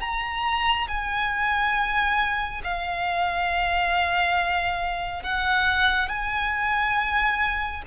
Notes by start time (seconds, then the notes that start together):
0.00 A#5
0.87 G#5
2.63 F5
5.23 F#5
6.08 G#5